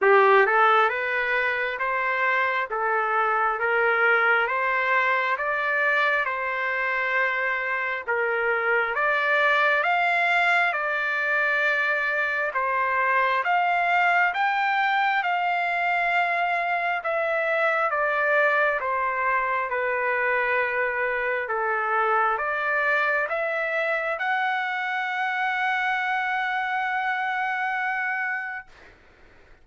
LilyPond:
\new Staff \with { instrumentName = "trumpet" } { \time 4/4 \tempo 4 = 67 g'8 a'8 b'4 c''4 a'4 | ais'4 c''4 d''4 c''4~ | c''4 ais'4 d''4 f''4 | d''2 c''4 f''4 |
g''4 f''2 e''4 | d''4 c''4 b'2 | a'4 d''4 e''4 fis''4~ | fis''1 | }